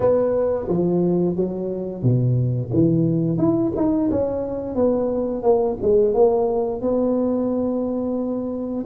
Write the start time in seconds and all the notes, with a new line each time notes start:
0.00 B3
0.68 F3
1.35 F#3
2.02 B2
2.73 E3
3.37 E4
3.75 D#4
4.10 C#4
4.75 B3
5.42 A#3
5.81 G#3
6.14 A#3
6.81 B3